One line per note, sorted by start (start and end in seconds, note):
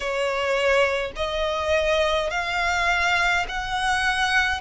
0.00 1.12 C#5
1.15 2.30 D#5
2.30 3.46 F5
3.48 4.60 F#5